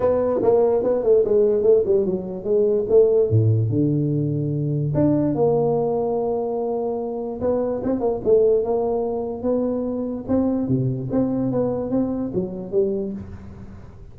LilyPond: \new Staff \with { instrumentName = "tuba" } { \time 4/4 \tempo 4 = 146 b4 ais4 b8 a8 gis4 | a8 g8 fis4 gis4 a4 | a,4 d2. | d'4 ais2.~ |
ais2 b4 c'8 ais8 | a4 ais2 b4~ | b4 c'4 c4 c'4 | b4 c'4 fis4 g4 | }